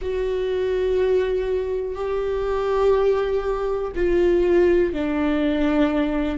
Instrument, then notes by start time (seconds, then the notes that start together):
viola
0.01 F#4
1.95 G4
3.95 F4
4.93 D4